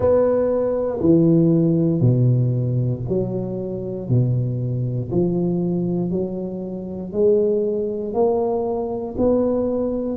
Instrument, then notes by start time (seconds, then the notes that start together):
tuba
0.00 B3
1.00 E3
2.01 B2
3.08 F#3
4.08 B2
5.11 F3
6.11 F#3
7.12 G#3
8.13 A#3
9.17 B3